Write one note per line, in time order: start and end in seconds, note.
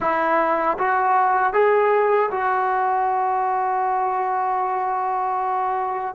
0.00 0.77 E4
0.77 1.53 F#4
1.53 2.30 G#4
2.31 6.14 F#4